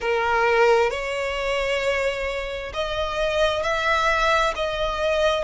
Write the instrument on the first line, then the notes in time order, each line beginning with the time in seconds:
violin
0.00 A#4
0.90 C#5
2.73 D#5
3.62 E5
4.55 D#5